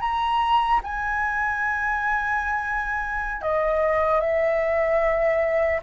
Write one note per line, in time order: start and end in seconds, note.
0.00 0.80 A#5
0.83 3.41 G#5
3.41 4.20 D#5
4.20 5.80 E5